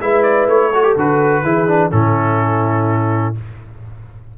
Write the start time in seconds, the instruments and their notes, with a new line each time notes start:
0.00 tuba G#3, trombone E4, horn B4, trumpet E5
0.22 trumpet D5
0.47 tuba A3, trumpet C#5
0.70 trombone F#4, horn A4
0.83 trombone G4
0.96 tuba D3, trombone F#4, trumpet B4
1.43 tuba E3, trombone E4, horn G#4
1.67 trombone D4
1.90 tuba A2, trombone C#4, horn E4, trumpet A4